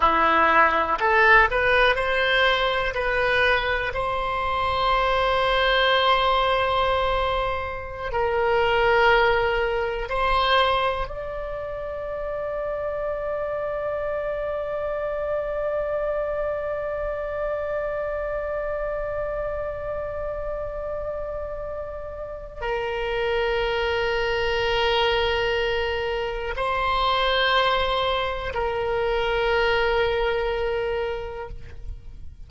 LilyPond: \new Staff \with { instrumentName = "oboe" } { \time 4/4 \tempo 4 = 61 e'4 a'8 b'8 c''4 b'4 | c''1~ | c''16 ais'2 c''4 d''8.~ | d''1~ |
d''1~ | d''2. ais'4~ | ais'2. c''4~ | c''4 ais'2. | }